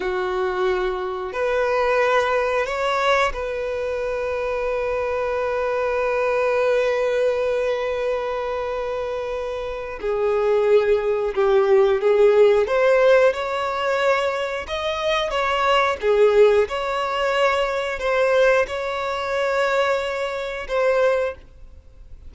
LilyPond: \new Staff \with { instrumentName = "violin" } { \time 4/4 \tempo 4 = 90 fis'2 b'2 | cis''4 b'2.~ | b'1~ | b'2. gis'4~ |
gis'4 g'4 gis'4 c''4 | cis''2 dis''4 cis''4 | gis'4 cis''2 c''4 | cis''2. c''4 | }